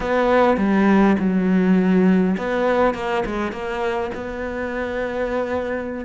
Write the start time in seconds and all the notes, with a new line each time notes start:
0.00 B3
0.57 G3
1.19 F#3
2.37 B3
2.94 A#3
3.25 G#3
3.51 A#3
4.14 B3